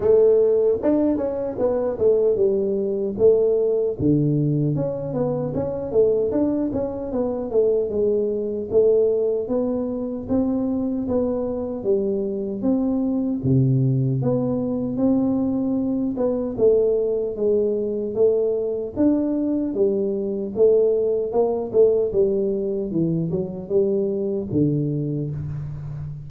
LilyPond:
\new Staff \with { instrumentName = "tuba" } { \time 4/4 \tempo 4 = 76 a4 d'8 cis'8 b8 a8 g4 | a4 d4 cis'8 b8 cis'8 a8 | d'8 cis'8 b8 a8 gis4 a4 | b4 c'4 b4 g4 |
c'4 c4 b4 c'4~ | c'8 b8 a4 gis4 a4 | d'4 g4 a4 ais8 a8 | g4 e8 fis8 g4 d4 | }